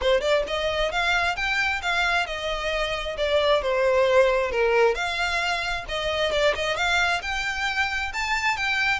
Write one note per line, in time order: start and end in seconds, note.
0.01 0.21 C5
0.21 0.43 D5
0.47 0.91 D#5
0.91 1.36 F5
1.36 1.81 G5
1.82 2.26 F5
2.26 3.16 D#5
3.17 3.62 D5
3.62 4.51 C5
4.51 4.94 A#4
4.94 5.84 F5
5.88 6.31 D#5
6.31 6.54 D5
6.55 6.76 D#5
6.76 7.21 F5
7.22 8.12 G5
8.13 8.56 A5
8.56 8.99 G5